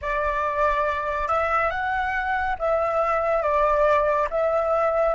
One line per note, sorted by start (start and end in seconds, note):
0.01 1.27 D5
1.27 1.70 E5
1.70 2.56 F#5
2.59 3.42 E5
3.42 4.28 D5
4.30 5.14 E5